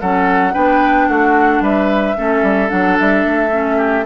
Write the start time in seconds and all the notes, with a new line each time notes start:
0.00 F#3 C#4 A4 F#5
0.53 B3 D4 B4 G5
1.07 A3 F#4 F#5
1.60 G3 B4 E5
2.16 A3 C#4 A4
2.42 G3
2.68 F#3 D4 F#5
2.99 G3 E5
3.25 A3
3.50 C#4
3.77 G4